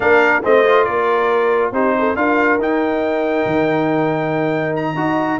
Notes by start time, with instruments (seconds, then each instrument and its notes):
0.00 tuba A#3, trombone D4, horn A#4, trumpet F5
0.42 tuba A3, trombone C4, horn C5, trumpet D#5
0.65 trombone F4
0.84 tuba A#3, horn A#4, trumpet D5
1.71 tuba C4, trombone D#4, horn G4, trumpet C5
1.98 horn A4
2.15 tuba D4, trombone F4, horn A#4, trumpet F5
2.58 tuba D#4, trombone D#4, trumpet G5
3.45 tuba D#3
4.76 trumpet A#5
4.94 tuba D#4, trombone F#4, horn D#5